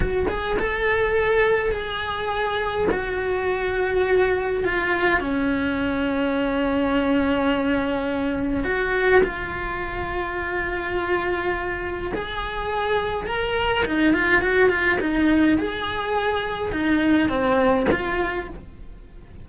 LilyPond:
\new Staff \with { instrumentName = "cello" } { \time 4/4 \tempo 4 = 104 fis'8 gis'8 a'2 gis'4~ | gis'4 fis'2. | f'4 cis'2.~ | cis'2. fis'4 |
f'1~ | f'4 gis'2 ais'4 | dis'8 f'8 fis'8 f'8 dis'4 gis'4~ | gis'4 dis'4 c'4 f'4 | }